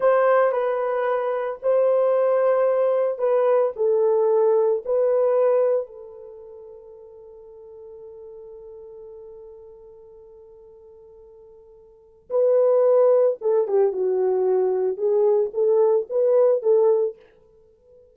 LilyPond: \new Staff \with { instrumentName = "horn" } { \time 4/4 \tempo 4 = 112 c''4 b'2 c''4~ | c''2 b'4 a'4~ | a'4 b'2 a'4~ | a'1~ |
a'1~ | a'2. b'4~ | b'4 a'8 g'8 fis'2 | gis'4 a'4 b'4 a'4 | }